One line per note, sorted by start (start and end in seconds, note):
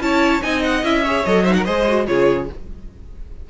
0.00 0.41 C#4
0.00 0.41 E4
0.00 0.43 C#5
0.00 0.42 A5
0.41 0.83 C4
0.41 0.82 D#4
0.41 1.04 D#5
0.41 0.62 G#5
0.63 0.84 F#5
0.83 1.24 C#4
0.83 1.04 E4
0.83 1.25 E5
1.04 1.26 G#4
1.04 1.43 C#5
1.25 1.67 F#3
1.25 1.46 A4
1.25 1.45 D#5
1.43 1.66 D#4
1.43 1.53 C5
1.43 1.53 E5
1.53 1.65 A#4
1.53 1.63 F#5
1.65 2.08 G#3
1.65 1.87 G#4
1.65 2.06 C5
1.65 2.06 D#5
1.87 2.06 F#4
2.06 2.49 C#3
2.06 2.48 F4
2.06 2.50 G#4
2.06 2.48 C#5